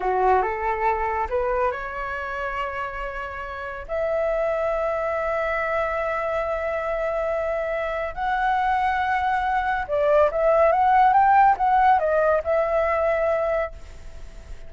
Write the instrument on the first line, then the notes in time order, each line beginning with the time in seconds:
flute
0.00 F#4
0.42 A4
1.29 B4
1.71 C#5
3.88 E5
8.14 F#5
9.87 D5
10.31 E5
10.72 F#5
11.13 G5
11.57 F#5
11.99 D#5
12.44 E5